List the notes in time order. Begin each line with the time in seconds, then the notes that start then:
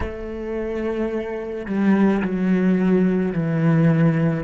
0.00 A3
1.66 G3
2.22 F#3
3.32 E3